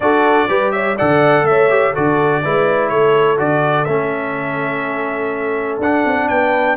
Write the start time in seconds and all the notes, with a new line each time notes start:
0.00 D4 F#4 A4 D5
0.48 G3 G4 B4
0.71 C#5 E5
0.96 D3 A4 D5 F#5
1.42 A3 E5
1.48 C#5
1.69 G4
1.93 D3 F#4 A4 D5
2.43 G#3 E4 B4
2.88 A3 A4 C#5
3.37 D3 F#4 D5
3.84 A3 C#4 E5
5.78 D4 F#5
6.05 C4
6.28 B3 B4 G5